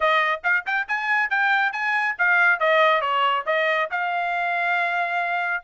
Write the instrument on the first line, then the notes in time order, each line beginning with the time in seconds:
trumpet
0.00 D#5
0.43 F5
0.66 G5
0.88 G#5
1.30 G5
1.72 G#5
2.18 F5
2.59 D#5
3.01 C#5
3.46 D#5
3.90 F5